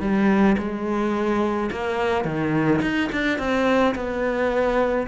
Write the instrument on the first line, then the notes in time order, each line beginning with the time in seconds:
cello
0.00 G3
0.58 G#3
1.71 A#3
2.25 D#3
2.82 D#4
3.12 D4
3.38 C4
3.95 B3